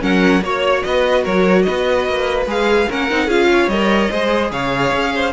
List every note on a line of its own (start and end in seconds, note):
0.00 0.42 F#3
0.00 0.41 C#4
0.00 0.43 A#4
0.00 0.43 F#5
0.42 0.83 A#3
0.42 2.46 F#4
0.42 0.83 C#5
0.42 0.86 C#5
0.83 1.26 B3
0.83 1.23 B4
0.83 1.24 D#5
1.23 1.66 F#3
1.23 1.64 A#4
1.23 1.63 C#5
1.63 2.88 B4
1.63 2.44 D#5
1.69 2.09 B3
2.09 2.46 A#3
2.46 2.87 G#3
2.46 2.88 G#4
2.46 2.91 F5
2.88 3.11 A#3
2.88 3.10 C#4
2.88 3.26 A#4
2.88 3.30 F#5
3.10 3.27 C4
3.10 3.30 D#4
3.26 3.68 C#4
3.26 3.70 F4
3.26 3.47 G#4
3.26 3.69 F5
3.52 4.11 C#5
3.68 4.09 G3
3.68 4.11 A#4
3.68 4.51 D#5
4.11 4.51 G#3
4.11 5.33 G#4
4.11 4.51 C5
4.51 4.92 C#3
4.51 5.13 C#5
4.51 5.33 F5
4.92 5.33 C#4
5.15 5.33 C5